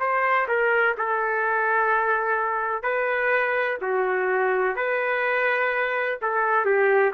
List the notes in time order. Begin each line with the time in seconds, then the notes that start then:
0.00 C5
0.48 A#4
0.98 A4
2.83 B4
3.81 F#4
4.76 B4
6.22 A4
6.65 G4